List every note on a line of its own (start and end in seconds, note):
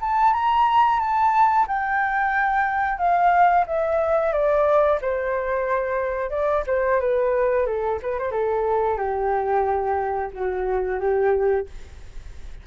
0.00 0.33 A5
0.33 0.99 A#5
0.99 1.66 A5
1.67 2.98 G5
2.98 3.65 F5
3.66 4.32 E5
4.32 4.99 D5
5.01 6.30 C5
6.30 6.63 D5
6.66 7.00 C5
7.00 7.66 B4
7.66 7.99 A4
8.02 8.18 B4
8.18 8.31 C5
8.31 8.98 A4
8.98 10.31 G4
10.33 10.99 F#4
10.99 11.66 G4